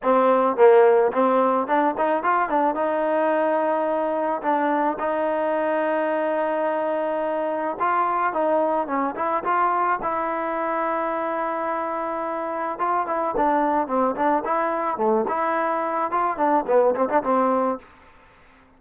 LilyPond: \new Staff \with { instrumentName = "trombone" } { \time 4/4 \tempo 4 = 108 c'4 ais4 c'4 d'8 dis'8 | f'8 d'8 dis'2. | d'4 dis'2.~ | dis'2 f'4 dis'4 |
cis'8 e'8 f'4 e'2~ | e'2. f'8 e'8 | d'4 c'8 d'8 e'4 a8 e'8~ | e'4 f'8 d'8 b8 c'16 d'16 c'4 | }